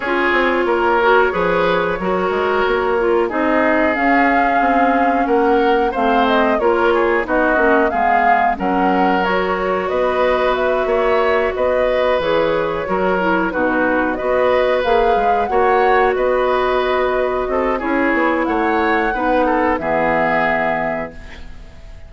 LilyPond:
<<
  \new Staff \with { instrumentName = "flute" } { \time 4/4 \tempo 4 = 91 cis''1~ | cis''4 dis''4 f''2 | fis''4 f''8 dis''8 cis''4 dis''4 | f''4 fis''4 cis''4 dis''4 |
e''4. dis''4 cis''4.~ | cis''8 b'4 dis''4 f''4 fis''8~ | fis''8 dis''2~ dis''8 cis''4 | fis''2 e''2 | }
  \new Staff \with { instrumentName = "oboe" } { \time 4/4 gis'4 ais'4 b'4 ais'4~ | ais'4 gis'2. | ais'4 c''4 ais'8 gis'8 fis'4 | gis'4 ais'2 b'4~ |
b'8 cis''4 b'2 ais'8~ | ais'8 fis'4 b'2 cis''8~ | cis''8 b'2 a'8 gis'4 | cis''4 b'8 a'8 gis'2 | }
  \new Staff \with { instrumentName = "clarinet" } { \time 4/4 f'4. fis'8 gis'4 fis'4~ | fis'8 f'8 dis'4 cis'2~ | cis'4 c'4 f'4 dis'8 cis'8 | b4 cis'4 fis'2~ |
fis'2~ fis'8 gis'4 fis'8 | e'8 dis'4 fis'4 gis'4 fis'8~ | fis'2. e'4~ | e'4 dis'4 b2 | }
  \new Staff \with { instrumentName = "bassoon" } { \time 4/4 cis'8 c'8 ais4 f4 fis8 gis8 | ais4 c'4 cis'4 c'4 | ais4 a4 ais4 b8 ais8 | gis4 fis2 b4~ |
b8 ais4 b4 e4 fis8~ | fis8 b,4 b4 ais8 gis8 ais8~ | ais8 b2 c'8 cis'8 b8 | a4 b4 e2 | }
>>